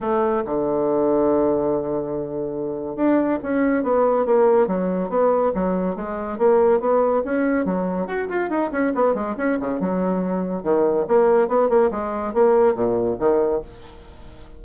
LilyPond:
\new Staff \with { instrumentName = "bassoon" } { \time 4/4 \tempo 4 = 141 a4 d2.~ | d2. d'4 | cis'4 b4 ais4 fis4 | b4 fis4 gis4 ais4 |
b4 cis'4 fis4 fis'8 f'8 | dis'8 cis'8 b8 gis8 cis'8 cis8 fis4~ | fis4 dis4 ais4 b8 ais8 | gis4 ais4 ais,4 dis4 | }